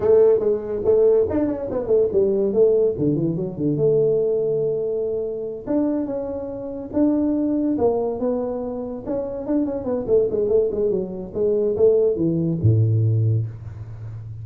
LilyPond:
\new Staff \with { instrumentName = "tuba" } { \time 4/4 \tempo 4 = 143 a4 gis4 a4 d'8 cis'8 | b8 a8 g4 a4 d8 e8 | fis8 d8 a2.~ | a4. d'4 cis'4.~ |
cis'8 d'2 ais4 b8~ | b4. cis'4 d'8 cis'8 b8 | a8 gis8 a8 gis8 fis4 gis4 | a4 e4 a,2 | }